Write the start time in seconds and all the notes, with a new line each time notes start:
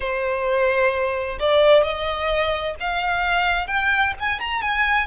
0.00 C5
1.39 D5
1.83 D#5
2.79 F5
3.67 G5
4.19 G#5
4.39 A#5
4.61 G#5